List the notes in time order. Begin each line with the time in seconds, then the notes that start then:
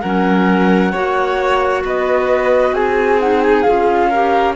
0.00 F#3 C#4 A#4 F#5
0.91 A#3 F#4 C#5
1.83 B3 B4 D#5
2.72 C4 G#4 G#5
3.19 D#4 F#5
3.41 G#5
3.62 C#4 F4 F5
4.09 G4 A#4